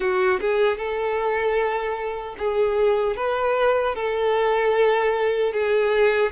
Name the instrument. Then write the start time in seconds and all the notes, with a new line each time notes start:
violin
0.00 F#4
0.40 G#4
0.77 A4
2.38 G#4
3.16 B4
3.95 A4
5.53 G#4